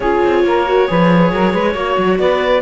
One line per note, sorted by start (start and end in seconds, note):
0.00 0.21 C#4
0.00 0.66 F4
0.00 0.44 G#4
0.00 2.19 C#5
0.24 0.44 C4
0.44 0.87 A#3
0.44 0.89 A#4
0.66 0.87 F#4
0.87 1.32 F3
0.87 1.74 G#4
0.87 1.32 B4
1.32 1.53 F#3
1.32 1.52 A#4
1.52 1.74 G#3
1.52 1.73 B4
1.73 1.96 A#3
1.73 2.61 F#4
1.73 2.17 C#5
1.97 2.19 F#3
2.19 2.61 B3
2.19 2.61 B4
2.19 2.61 D5